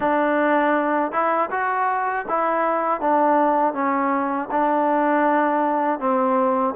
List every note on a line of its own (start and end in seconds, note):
0.00 1.11 D4
1.11 1.49 E4
1.50 2.25 F#4
2.28 3.00 E4
3.00 3.73 D4
3.73 4.48 C#4
4.51 5.99 D4
5.99 6.74 C4